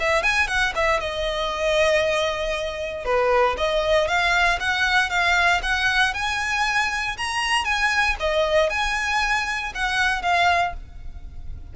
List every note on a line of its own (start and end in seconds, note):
0.00 0.23 E5
0.23 0.48 G#5
0.48 0.73 F#5
0.76 1.00 E5
1.00 3.05 D#5
3.05 3.57 B4
3.58 4.08 D#5
4.08 4.59 F5
4.60 5.10 F#5
5.10 5.61 F5
5.63 6.14 F#5
6.14 7.17 G#5
7.18 7.65 A#5
7.65 8.16 G#5
8.20 8.70 D#5
8.70 9.73 G#5
9.75 10.22 F#5
10.22 10.73 F5